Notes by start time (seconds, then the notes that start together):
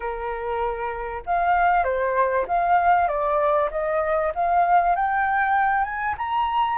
0.00 A#4
1.25 F5
1.84 C5
2.47 F5
3.08 D5
3.70 D#5
4.35 F5
4.95 G5
5.84 G#5
6.17 A#5